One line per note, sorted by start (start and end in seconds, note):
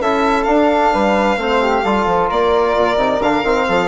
0.00 0.46 C#4
0.00 0.47 E4
0.00 0.93 A4
0.00 0.43 E5
0.43 0.92 D4
0.43 1.38 D4
0.43 2.26 F5
0.93 1.37 G3
0.93 1.39 B4
1.37 1.83 A3
1.37 1.84 C4
1.37 1.61 C5
1.61 1.84 G4
1.84 2.06 G3
1.84 2.98 F4
1.84 2.29 A4
2.06 2.29 F3
2.29 2.76 A#3
2.29 3.66 A#4
2.29 3.22 D5
2.76 2.96 A#2
2.96 3.19 C3
2.96 3.21 D#4
3.20 3.43 D3
3.20 3.44 D4
3.20 3.87 F5
3.43 3.65 D#3
3.43 3.87 C4
3.68 3.87 F3
3.68 3.87 A4